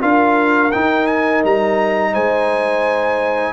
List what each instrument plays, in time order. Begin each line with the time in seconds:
0.00 tuba D4, trombone F4, horn A#4, trumpet F5
0.72 trombone D#4, tuba D#4, trumpet G5
1.07 trumpet G#5
1.44 tuba G3, trumpet A#5
2.12 tuba G#3, horn C5, trumpet G#5